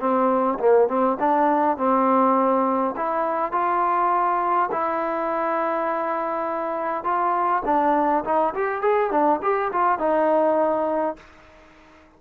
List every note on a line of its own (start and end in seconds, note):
0.00 0.59 C4
0.60 0.89 A#3
0.89 1.18 C4
1.20 1.78 D4
1.78 2.95 C4
2.97 3.52 E4
3.52 4.70 F4
4.72 7.05 E4
7.05 7.63 F4
7.66 8.24 D4
8.25 8.55 D#4
8.55 8.82 G4
8.82 9.11 G#4
9.11 9.41 D4
9.43 9.72 G4
9.73 9.99 F4
9.99 11.17 D#4